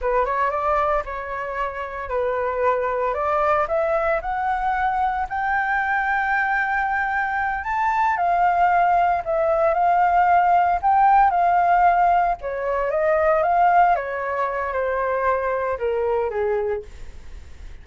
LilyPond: \new Staff \with { instrumentName = "flute" } { \time 4/4 \tempo 4 = 114 b'8 cis''8 d''4 cis''2 | b'2 d''4 e''4 | fis''2 g''2~ | g''2~ g''8 a''4 f''8~ |
f''4. e''4 f''4.~ | f''8 g''4 f''2 cis''8~ | cis''8 dis''4 f''4 cis''4. | c''2 ais'4 gis'4 | }